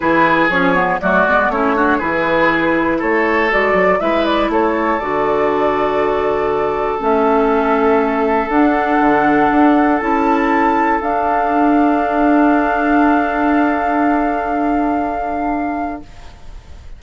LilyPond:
<<
  \new Staff \with { instrumentName = "flute" } { \time 4/4 \tempo 4 = 120 b'4 cis''4 d''4 cis''4 | b'2 cis''4 d''4 | e''8 d''8 cis''4 d''2~ | d''2 e''2~ |
e''4 fis''2. | a''2 f''2~ | f''1~ | f''1 | }
  \new Staff \with { instrumentName = "oboe" } { \time 4/4 gis'2 fis'4 e'8 fis'8 | gis'2 a'2 | b'4 a'2.~ | a'1~ |
a'1~ | a'1~ | a'1~ | a'1 | }
  \new Staff \with { instrumentName = "clarinet" } { \time 4/4 e'4 cis'8 b8 a8 b8 cis'8 d'8 | e'2. fis'4 | e'2 fis'2~ | fis'2 cis'2~ |
cis'4 d'2. | e'2 d'2~ | d'1~ | d'1 | }
  \new Staff \with { instrumentName = "bassoon" } { \time 4/4 e4 f4 fis8 gis8 a4 | e2 a4 gis8 fis8 | gis4 a4 d2~ | d2 a2~ |
a4 d'4 d4 d'4 | cis'2 d'2~ | d'1~ | d'1 | }
>>